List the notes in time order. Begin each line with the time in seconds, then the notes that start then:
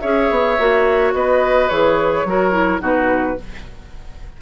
0.00 C#4 G#4 C#5 E5
0.30 B3
0.59 A#3 F#4
1.14 B3 B4 D#5
1.69 E3 G#4 C#5
2.25 F#3 F#4 A#4
2.51 E4
2.80 B2 D#4 F#4 B4